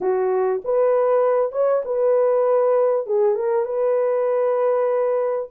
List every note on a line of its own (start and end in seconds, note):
0.00 0.62 F#4
0.64 1.51 B4
1.51 1.82 C#5
1.85 3.06 B4
3.06 3.35 G#4
3.35 3.65 A#4
3.65 5.49 B4